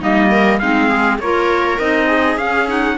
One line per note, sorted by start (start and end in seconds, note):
0.00 0.60 G3
0.00 0.60 A#3
0.00 0.30 D#4
0.00 0.59 D#5
0.30 0.60 A#4
0.59 1.19 G#3
0.59 1.20 C4
0.59 0.89 D#4
0.59 1.18 F5
0.89 1.19 G#4
1.19 1.78 A#3
1.19 1.79 F4
1.19 2.06 A#4
1.19 1.78 C#5
1.78 2.37 C4
1.78 2.38 D#4
1.78 2.38 D#5
2.06 2.95 G#4
2.37 2.96 C#4
2.37 2.68 C#4
2.37 2.67 F5
2.68 2.97 D#4
2.68 2.97 F#5